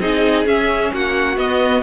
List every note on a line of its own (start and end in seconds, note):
0.00 0.46 C4
0.00 0.45 D#4
0.00 0.93 G#4
0.00 0.47 D#5
0.45 1.37 C#4
0.45 0.92 C#4
0.45 0.93 E5
0.93 1.37 A#3
0.93 1.83 F#4
0.93 1.38 F#5
1.37 1.83 B3
1.37 1.83 D#5